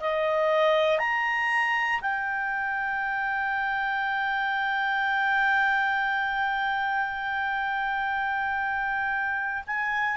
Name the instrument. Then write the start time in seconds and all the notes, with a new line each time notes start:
clarinet
0.00 D#5
0.99 A#5
2.02 G5
9.67 G#5